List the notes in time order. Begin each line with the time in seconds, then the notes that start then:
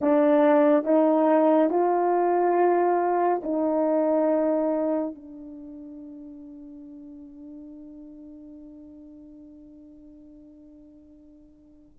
0.01 D4
0.84 D#4
1.69 F4
3.43 D#4
5.14 D4